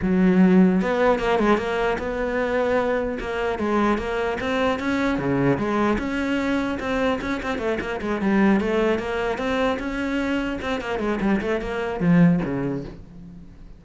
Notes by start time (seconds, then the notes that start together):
0.01 F#3
0.81 B3
1.19 A#3
1.39 G#3
1.57 A#3
1.98 B3
3.19 A#3
3.58 G#3
3.98 A#3
4.40 C4
4.79 C#4
5.18 C#3
5.57 G#3
5.98 C#4
6.79 C4
7.21 C#4
7.43 C4
7.58 A3
7.80 A#3
8.01 G#3
8.21 G3
8.60 A3
8.98 A#3
9.38 C4
9.79 C#4
10.61 C4
10.80 A#3
10.99 G#3
11.21 G3
11.41 A3
11.61 A#3
12.00 F3
12.44 C#3